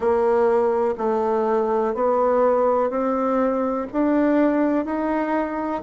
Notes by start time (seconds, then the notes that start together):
0.00 A#3
0.97 A3
1.94 B3
2.89 C4
3.92 D4
4.85 D#4